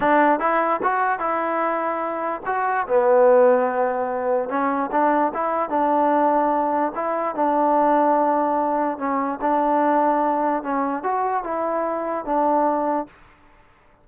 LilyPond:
\new Staff \with { instrumentName = "trombone" } { \time 4/4 \tempo 4 = 147 d'4 e'4 fis'4 e'4~ | e'2 fis'4 b4~ | b2. cis'4 | d'4 e'4 d'2~ |
d'4 e'4 d'2~ | d'2 cis'4 d'4~ | d'2 cis'4 fis'4 | e'2 d'2 | }